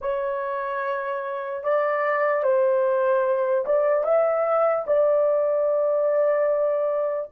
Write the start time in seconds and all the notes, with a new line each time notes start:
0.01 C#5
1.63 D5
2.43 C5
3.65 D5
4.04 E5
4.86 D5